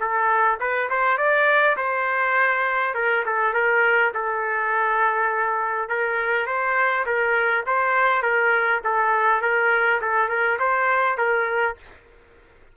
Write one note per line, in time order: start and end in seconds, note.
0.00 0.59 A4
0.60 0.89 B4
0.90 1.17 C5
1.17 1.76 D5
1.77 2.94 C5
2.94 3.24 A#4
3.26 3.54 A4
3.54 4.13 A#4
4.14 5.89 A4
5.89 6.46 A#4
6.46 7.05 C5
7.06 7.65 A#4
7.66 8.22 C5
8.22 8.81 A#4
8.84 9.42 A4
9.42 10.01 A#4
10.01 10.29 A4
10.29 10.58 A#4
10.59 11.18 C5
11.18 11.76 A#4